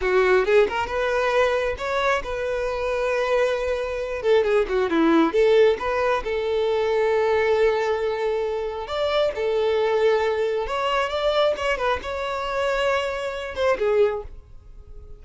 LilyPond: \new Staff \with { instrumentName = "violin" } { \time 4/4 \tempo 4 = 135 fis'4 gis'8 ais'8 b'2 | cis''4 b'2.~ | b'4. a'8 gis'8 fis'8 e'4 | a'4 b'4 a'2~ |
a'1 | d''4 a'2. | cis''4 d''4 cis''8 b'8 cis''4~ | cis''2~ cis''8 c''8 gis'4 | }